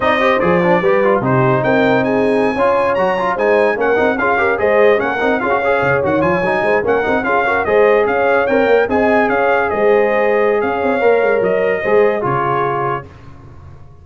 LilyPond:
<<
  \new Staff \with { instrumentName = "trumpet" } { \time 4/4 \tempo 4 = 147 dis''4 d''2 c''4 | g''4 gis''2~ gis''16 ais''8.~ | ais''16 gis''4 fis''4 f''4 dis''8.~ | dis''16 fis''4 f''4. fis''8 gis''8.~ |
gis''8. fis''4 f''4 dis''4 f''16~ | f''8. g''4 gis''4 f''4 dis''16~ | dis''2 f''2 | dis''2 cis''2 | }
  \new Staff \with { instrumentName = "horn" } { \time 4/4 d''8 c''4. b'4 g'4 | ais'4 gis'4~ gis'16 cis''4.~ cis''16~ | cis''16 c''4 ais'4 gis'8 ais'8 c''8.~ | c''16 ais'4 gis'8 cis''2~ cis''16~ |
cis''16 c''8 ais'4 gis'8 ais'8 c''4 cis''16~ | cis''4.~ cis''16 dis''4 cis''4 c''16~ | c''2 cis''2~ | cis''4 c''4 gis'2 | }
  \new Staff \with { instrumentName = "trombone" } { \time 4/4 dis'8 g'8 gis'8 d'8 g'8 f'8 dis'4~ | dis'2~ dis'16 f'4 fis'8 f'16~ | f'16 dis'4 cis'8 dis'8 f'8 g'8 gis'8.~ | gis'16 cis'8 dis'8 f'16 fis'16 gis'4 fis'8 f'8 dis'16~ |
dis'8. cis'8 dis'8 f'8 fis'8 gis'4~ gis'16~ | gis'8. ais'4 gis'2~ gis'16~ | gis'2. ais'4~ | ais'4 gis'4 f'2 | }
  \new Staff \with { instrumentName = "tuba" } { \time 4/4 c'4 f4 g4 c4 | c'2~ c'16 cis'4 fis8.~ | fis16 gis4 ais8 c'8 cis'4 gis8.~ | gis16 ais8 c'8 cis'4 cis8 dis8 f8 fis16~ |
fis16 gis8 ais8 c'8 cis'4 gis4 cis'16~ | cis'8. c'8 ais8 c'4 cis'4 gis16~ | gis2 cis'8 c'8 ais8 gis8 | fis4 gis4 cis2 | }
>>